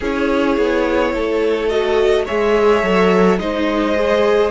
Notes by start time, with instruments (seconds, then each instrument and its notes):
0.00 cello C#4, viola E4, violin G#4 C#5
0.57 cello B3
1.13 cello A3, violin A4
1.68 viola F#4, violin D#5
2.25 cello G#3, viola G#4, violin C#5 E5
2.82 cello F#3, viola A4
3.38 cello G#3, viola D#4, violin C5 D#5
3.94 viola G#4